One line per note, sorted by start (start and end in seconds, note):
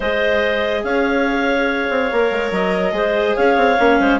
0.00 0.83 G#3
0.00 2.12 G#4
0.00 0.82 C5
0.00 0.83 D#5
0.83 1.88 C#4
0.83 2.95 C#5
0.83 2.51 F5
1.89 2.10 C4
2.12 2.31 A#3
2.12 2.92 A#4
2.31 2.51 G#3
2.51 2.92 F#3
2.51 3.36 D#5
2.92 3.34 G#3
2.92 3.76 G#4
2.92 3.35 C5
3.35 3.56 C#4
3.35 3.98 C#5
3.35 4.19 F5
3.56 3.77 C4
3.79 3.99 A#3
3.79 4.19 C#4
3.99 4.19 G#3
3.99 4.19 C5